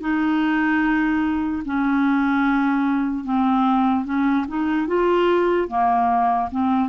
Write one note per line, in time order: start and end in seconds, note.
0.00 1.62 D#4
1.65 3.24 C#4
3.24 4.05 C4
4.05 4.45 C#4
4.48 4.87 D#4
4.87 5.68 F4
5.68 6.49 A#3
6.51 6.89 C4